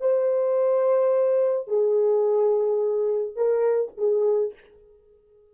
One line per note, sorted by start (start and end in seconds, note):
0.00 1.67 C5
1.67 3.36 G#4
3.36 3.92 A#4
3.97 4.54 G#4